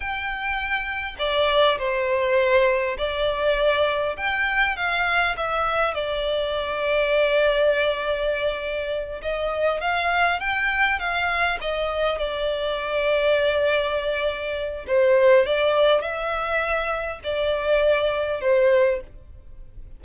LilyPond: \new Staff \with { instrumentName = "violin" } { \time 4/4 \tempo 4 = 101 g''2 d''4 c''4~ | c''4 d''2 g''4 | f''4 e''4 d''2~ | d''2.~ d''8 dis''8~ |
dis''8 f''4 g''4 f''4 dis''8~ | dis''8 d''2.~ d''8~ | d''4 c''4 d''4 e''4~ | e''4 d''2 c''4 | }